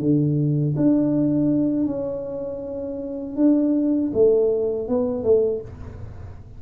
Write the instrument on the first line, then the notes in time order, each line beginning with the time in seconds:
tuba
0.00 D3
0.76 D4
1.86 C#4
3.36 D4
4.14 A3
4.89 B3
5.24 A3